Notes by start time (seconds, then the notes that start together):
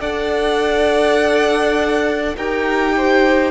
0.00 D4 A4 D5 F#5
2.36 D#4 G4 A#4 G5
2.96 C5